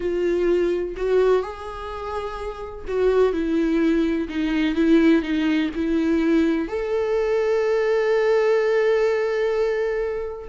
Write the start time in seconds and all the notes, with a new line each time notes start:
0.00 F4
0.97 F#4
1.42 G#4
2.87 F#4
3.32 E4
4.28 D#4
4.75 E4
5.22 D#4
5.75 E4
6.68 A4